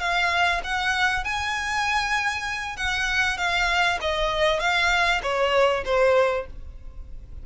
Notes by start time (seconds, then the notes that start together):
0.00 F5
0.64 F#5
1.24 G#5
2.77 F#5
3.38 F5
4.01 D#5
4.60 F5
5.23 C#5
5.85 C5